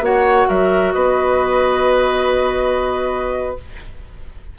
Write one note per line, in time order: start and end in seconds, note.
0.00 0.46 A#3
0.00 3.57 F#4
0.00 0.48 C#5
0.00 0.49 F#5
0.48 0.95 F#3
0.48 0.94 A#4
0.48 0.92 E5
0.92 3.58 B3
0.92 3.58 B4
0.92 3.56 D#5